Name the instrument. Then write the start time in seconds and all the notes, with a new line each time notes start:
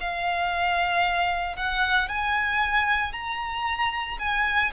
violin
0.00 F5
1.56 F#5
2.08 G#5
3.12 A#5
4.19 G#5